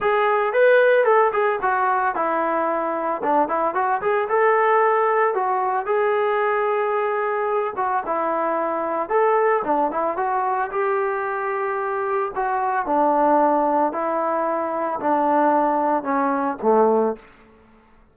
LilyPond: \new Staff \with { instrumentName = "trombone" } { \time 4/4 \tempo 4 = 112 gis'4 b'4 a'8 gis'8 fis'4 | e'2 d'8 e'8 fis'8 gis'8 | a'2 fis'4 gis'4~ | gis'2~ gis'8 fis'8 e'4~ |
e'4 a'4 d'8 e'8 fis'4 | g'2. fis'4 | d'2 e'2 | d'2 cis'4 a4 | }